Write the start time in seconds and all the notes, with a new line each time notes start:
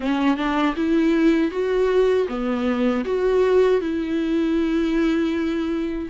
0.00 C#4
0.37 D4
0.76 E4
1.51 F#4
2.28 B3
3.04 F#4
3.80 E4